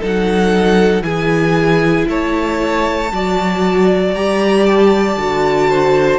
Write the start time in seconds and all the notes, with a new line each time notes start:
0.00 F#3 D#4 A4 F#5
1.02 E3 E4 G#4 G#5
2.08 A3 C#5 A5
3.12 F#3 F#4 D5
4.14 G3 G4 A#5
4.66 A5
5.17 D3 F#4
5.70 C5